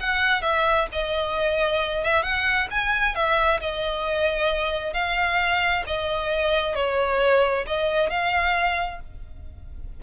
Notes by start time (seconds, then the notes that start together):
0.00 F#5
0.42 E5
0.92 D#5
2.04 E5
2.23 F#5
2.71 G#5
3.15 E5
3.61 D#5
4.94 F5
5.87 D#5
6.75 C#5
7.67 D#5
8.10 F5